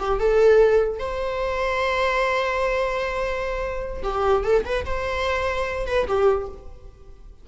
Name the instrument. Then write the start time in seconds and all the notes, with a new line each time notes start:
viola
0.00 G4
0.20 A4
0.99 C5
4.04 G4
4.44 A4
4.65 B4
4.86 C5
5.87 B4
6.08 G4